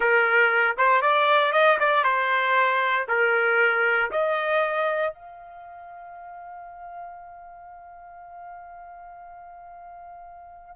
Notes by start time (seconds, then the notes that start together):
0.00 A#4
0.77 C5
1.01 D5
1.52 D#5
1.79 D5
2.03 C5
3.08 A#4
4.11 D#5
5.13 F5